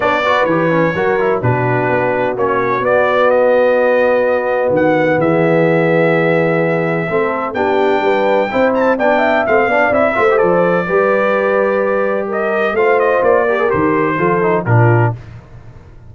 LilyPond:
<<
  \new Staff \with { instrumentName = "trumpet" } { \time 4/4 \tempo 4 = 127 d''4 cis''2 b'4~ | b'4 cis''4 d''4 dis''4~ | dis''2 fis''4 e''4~ | e''1 |
g''2~ g''8 a''8 g''4 | f''4 e''4 d''2~ | d''2 dis''4 f''8 dis''8 | d''4 c''2 ais'4 | }
  \new Staff \with { instrumentName = "horn" } { \time 4/4 cis''8 b'4. ais'4 fis'4~ | fis'1~ | fis'2. gis'4~ | gis'2. a'4 |
g'4 b'4 c''4 d''8 e''8~ | e''8 d''4 c''4. b'4~ | b'2 ais'4 c''4~ | c''8 ais'4. a'4 f'4 | }
  \new Staff \with { instrumentName = "trombone" } { \time 4/4 d'8 fis'8 g'8 cis'8 fis'8 e'8 d'4~ | d'4 cis'4 b2~ | b1~ | b2. c'4 |
d'2 e'4 d'4 | c'8 d'8 e'8 f'16 g'16 a'4 g'4~ | g'2. f'4~ | f'8 g'16 gis'16 g'4 f'8 dis'8 d'4 | }
  \new Staff \with { instrumentName = "tuba" } { \time 4/4 b4 e4 fis4 b,4 | b4 ais4 b2~ | b2 dis4 e4~ | e2. a4 |
b4 g4 c'4 b4 | a8 b8 c'8 a8 f4 g4~ | g2. a4 | ais4 dis4 f4 ais,4 | }
>>